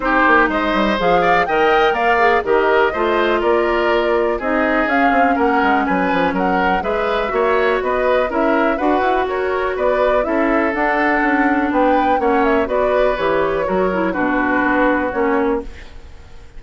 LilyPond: <<
  \new Staff \with { instrumentName = "flute" } { \time 4/4 \tempo 4 = 123 c''4 dis''4 f''4 g''4 | f''4 dis''2 d''4~ | d''4 dis''4 f''4 fis''4 | gis''4 fis''4 e''2 |
dis''4 e''4 fis''4 cis''4 | d''4 e''4 fis''2 | g''4 fis''8 e''8 d''4 cis''4~ | cis''4 b'2 cis''4 | }
  \new Staff \with { instrumentName = "oboe" } { \time 4/4 g'4 c''4. d''8 dis''4 | d''4 ais'4 c''4 ais'4~ | ais'4 gis'2 ais'4 | b'4 ais'4 b'4 cis''4 |
b'4 ais'4 b'4 ais'4 | b'4 a'2. | b'4 cis''4 b'2 | ais'4 fis'2. | }
  \new Staff \with { instrumentName = "clarinet" } { \time 4/4 dis'2 gis'4 ais'4~ | ais'8 gis'8 g'4 f'2~ | f'4 dis'4 cis'2~ | cis'2 gis'4 fis'4~ |
fis'4 e'4 fis'2~ | fis'4 e'4 d'2~ | d'4 cis'4 fis'4 g'4 | fis'8 e'8 d'2 cis'4 | }
  \new Staff \with { instrumentName = "bassoon" } { \time 4/4 c'8 ais8 gis8 g8 f4 dis4 | ais4 dis4 a4 ais4~ | ais4 c'4 cis'8 c'8 ais8 gis8 | fis8 f8 fis4 gis4 ais4 |
b4 cis'4 d'8 e'8 fis'4 | b4 cis'4 d'4 cis'4 | b4 ais4 b4 e4 | fis4 b,4 b4 ais4 | }
>>